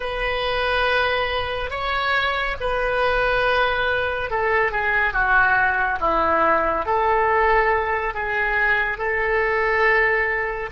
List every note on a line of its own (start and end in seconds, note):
0.00 1.70 B4
1.70 2.56 C#5
2.60 4.30 B4
4.30 4.71 A4
4.71 5.13 G#4
5.13 5.98 F#4
6.00 6.85 E4
6.85 8.14 A4
8.14 8.98 G#4
8.98 10.69 A4